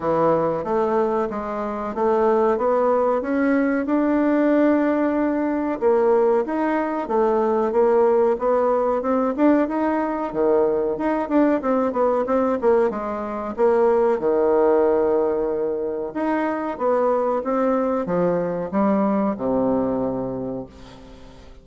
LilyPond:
\new Staff \with { instrumentName = "bassoon" } { \time 4/4 \tempo 4 = 93 e4 a4 gis4 a4 | b4 cis'4 d'2~ | d'4 ais4 dis'4 a4 | ais4 b4 c'8 d'8 dis'4 |
dis4 dis'8 d'8 c'8 b8 c'8 ais8 | gis4 ais4 dis2~ | dis4 dis'4 b4 c'4 | f4 g4 c2 | }